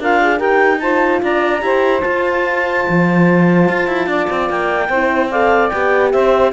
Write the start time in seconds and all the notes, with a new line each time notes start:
0.00 D4 F4 A#4 F5
0.22 G#4
0.38 D#4 G4 A#4 G5
0.80 F4 C5 A5
1.23 D4 D5 A#5
1.61 E4 G4 C5
2.01 F4 A5
2.89 F3
3.69 F4
3.88 E4
4.07 D4 D5
4.30 C4
4.50 A#3 G5
4.89 C4 E4 C5
5.30 A4 D5 F5
5.69 B3 G4 G5
6.12 C4 C5 E5